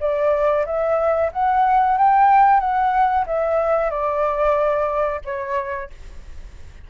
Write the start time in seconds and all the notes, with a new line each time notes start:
0.00 D5
0.66 E5
1.32 F#5
1.98 G5
2.60 F#5
3.26 E5
3.90 D5
5.25 C#5